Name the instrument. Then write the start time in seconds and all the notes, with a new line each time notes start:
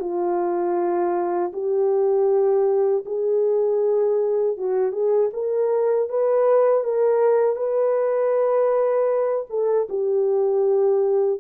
horn
0.00 F4
1.53 G4
3.06 G#4
4.57 F#4
4.92 G#4
5.33 A#4
6.09 B4
6.84 A#4
7.56 B4
9.49 A4
9.89 G4